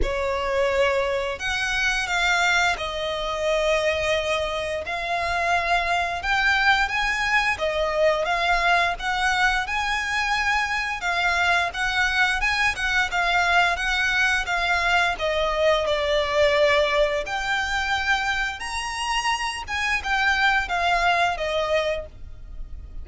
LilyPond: \new Staff \with { instrumentName = "violin" } { \time 4/4 \tempo 4 = 87 cis''2 fis''4 f''4 | dis''2. f''4~ | f''4 g''4 gis''4 dis''4 | f''4 fis''4 gis''2 |
f''4 fis''4 gis''8 fis''8 f''4 | fis''4 f''4 dis''4 d''4~ | d''4 g''2 ais''4~ | ais''8 gis''8 g''4 f''4 dis''4 | }